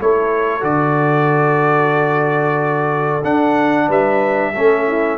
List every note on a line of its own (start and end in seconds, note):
0.00 0.63 A3
0.00 0.60 E4
0.00 3.87 A4
0.00 0.64 C#5
0.60 3.24 D3
0.60 3.21 F#4
0.60 3.24 D5
3.23 4.54 D4
3.23 3.88 D4
3.23 3.89 F#5
3.87 4.54 G3
3.87 4.53 B4
3.87 5.18 E5
4.54 5.18 A3
4.54 5.18 C#4
4.54 4.86 A4
4.87 5.18 E4